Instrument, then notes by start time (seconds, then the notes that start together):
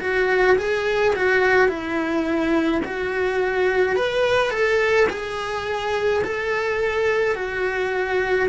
cello
0.00 F#4
0.58 G#4
1.15 F#4
1.68 E4
2.84 F#4
3.96 B4
4.50 A4
5.09 G#4
6.24 A4
7.35 F#4